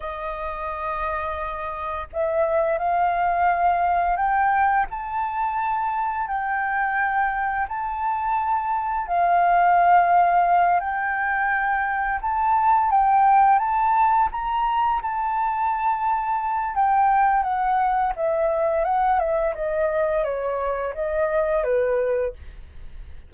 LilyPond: \new Staff \with { instrumentName = "flute" } { \time 4/4 \tempo 4 = 86 dis''2. e''4 | f''2 g''4 a''4~ | a''4 g''2 a''4~ | a''4 f''2~ f''8 g''8~ |
g''4. a''4 g''4 a''8~ | a''8 ais''4 a''2~ a''8 | g''4 fis''4 e''4 fis''8 e''8 | dis''4 cis''4 dis''4 b'4 | }